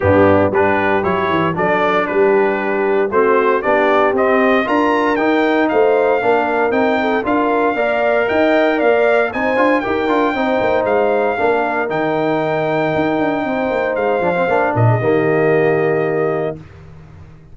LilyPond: <<
  \new Staff \with { instrumentName = "trumpet" } { \time 4/4 \tempo 4 = 116 g'4 b'4 cis''4 d''4 | b'2 c''4 d''4 | dis''4 ais''4 g''4 f''4~ | f''4 g''4 f''2 |
g''4 f''4 gis''4 g''4~ | g''4 f''2 g''4~ | g''2. f''4~ | f''8 dis''2.~ dis''8 | }
  \new Staff \with { instrumentName = "horn" } { \time 4/4 d'4 g'2 a'4 | g'2 fis'4 g'4~ | g'4 ais'2 c''4 | ais'4. a'8 ais'4 d''4 |
dis''4 d''4 c''4 ais'4 | c''2 ais'2~ | ais'2 c''2~ | c''8 ais'16 gis'16 g'2. | }
  \new Staff \with { instrumentName = "trombone" } { \time 4/4 b4 d'4 e'4 d'4~ | d'2 c'4 d'4 | c'4 f'4 dis'2 | d'4 dis'4 f'4 ais'4~ |
ais'2 dis'8 f'8 g'8 f'8 | dis'2 d'4 dis'4~ | dis'2.~ dis'8 d'16 c'16 | d'4 ais2. | }
  \new Staff \with { instrumentName = "tuba" } { \time 4/4 g,4 g4 fis8 e8 fis4 | g2 a4 b4 | c'4 d'4 dis'4 a4 | ais4 c'4 d'4 ais4 |
dis'4 ais4 c'8 d'8 dis'8 d'8 | c'8 ais8 gis4 ais4 dis4~ | dis4 dis'8 d'8 c'8 ais8 gis8 f8 | ais8 ais,8 dis2. | }
>>